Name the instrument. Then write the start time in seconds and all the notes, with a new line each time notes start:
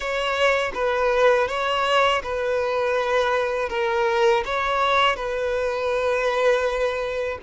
violin
0.00 C#5
0.74 B4
1.48 C#5
2.23 B4
3.69 A#4
4.45 C#5
5.16 B4